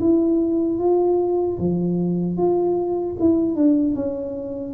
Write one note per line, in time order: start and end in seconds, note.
0.00 0.79 E4
0.79 1.58 F4
1.59 2.38 F3
2.38 3.17 F4
3.20 3.56 E4
3.56 3.95 D4
3.95 4.74 C#4